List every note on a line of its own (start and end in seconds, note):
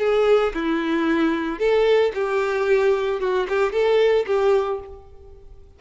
0.00 0.53 G#4
0.55 1.60 E4
1.60 2.13 A4
2.15 3.21 G4
3.21 3.48 F#4
3.49 3.73 G4
3.73 4.26 A4
4.27 4.80 G4